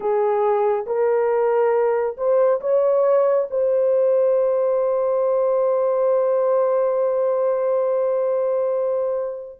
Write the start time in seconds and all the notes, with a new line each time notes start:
0.00 G#4
0.86 A#4
2.17 C5
2.60 C#5
3.50 C5